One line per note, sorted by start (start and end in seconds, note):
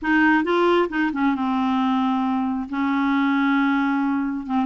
0.02 0.44 D#4
0.44 0.88 F4
0.89 1.11 D#4
1.13 1.35 C#4
1.35 2.68 C4
2.69 4.46 C#4
4.46 4.65 C4